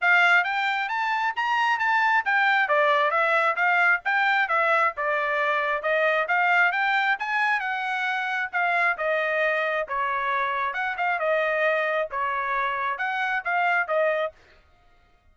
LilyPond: \new Staff \with { instrumentName = "trumpet" } { \time 4/4 \tempo 4 = 134 f''4 g''4 a''4 ais''4 | a''4 g''4 d''4 e''4 | f''4 g''4 e''4 d''4~ | d''4 dis''4 f''4 g''4 |
gis''4 fis''2 f''4 | dis''2 cis''2 | fis''8 f''8 dis''2 cis''4~ | cis''4 fis''4 f''4 dis''4 | }